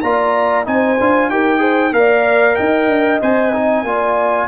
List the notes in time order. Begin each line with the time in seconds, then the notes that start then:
0.00 A#3 F4 D5 A#5
0.64 C4 D#4 C5 G#5
1.00 D4 F4
1.29 D#4 G4 A#4 G5
1.58 G#4 C5
1.92 A#3 A#4 D5 F5
2.55 D#4 D#5 G5
2.87 D4
3.21 C4 C5 G#5
3.53 D#4
3.83 A#3 F4 D5